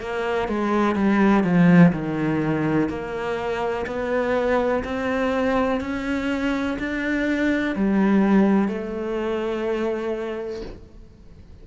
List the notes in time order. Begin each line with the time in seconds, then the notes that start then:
0.00 A#3
0.48 G#3
0.95 G3
1.44 F3
1.93 D#3
2.89 A#3
3.87 B3
4.84 C4
5.81 C#4
6.79 D4
7.76 G3
8.68 A3